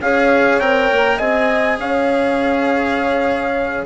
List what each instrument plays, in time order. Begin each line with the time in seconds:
0.00 bassoon C#4, cello G#4, horn C#5, trumpet F5
0.59 bassoon C4, cello A#4, trumpet G5
0.91 bassoon A#3
1.17 bassoon C4, cello G#4, horn D#5, trumpet G#5
1.79 bassoon C#4, horn C#5, trumpet F5